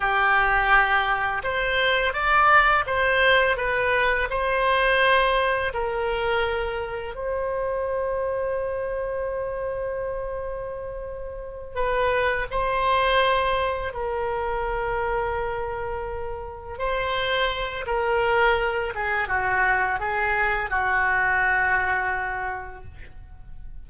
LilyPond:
\new Staff \with { instrumentName = "oboe" } { \time 4/4 \tempo 4 = 84 g'2 c''4 d''4 | c''4 b'4 c''2 | ais'2 c''2~ | c''1~ |
c''8 b'4 c''2 ais'8~ | ais'2.~ ais'8 c''8~ | c''4 ais'4. gis'8 fis'4 | gis'4 fis'2. | }